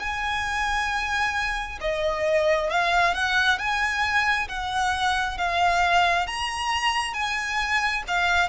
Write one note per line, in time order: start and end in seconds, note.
0.00 1.79 G#5
1.81 2.70 D#5
2.70 3.14 F5
3.14 3.59 F#5
3.59 4.48 G#5
4.49 5.38 F#5
5.38 6.27 F5
6.27 7.14 A#5
7.14 8.04 G#5
8.08 8.49 F5